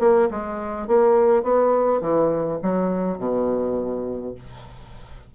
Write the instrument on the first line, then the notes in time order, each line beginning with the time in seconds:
bassoon
0.00 A#3
0.31 G#3
0.88 A#3
1.43 B3
2.01 E3
2.62 F#3
3.18 B2